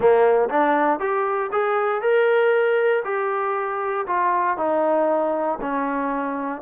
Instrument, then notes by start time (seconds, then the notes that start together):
trombone
0.00 A#3
0.49 D4
0.99 G4
1.51 G#4
2.01 A#4
3.04 G4
4.06 F4
4.57 D#4
5.61 C#4